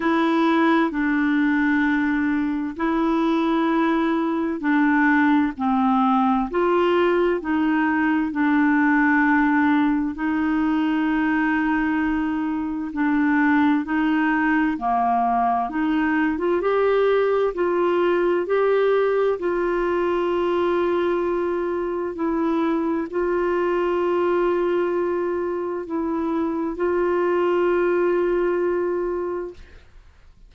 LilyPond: \new Staff \with { instrumentName = "clarinet" } { \time 4/4 \tempo 4 = 65 e'4 d'2 e'4~ | e'4 d'4 c'4 f'4 | dis'4 d'2 dis'4~ | dis'2 d'4 dis'4 |
ais4 dis'8. f'16 g'4 f'4 | g'4 f'2. | e'4 f'2. | e'4 f'2. | }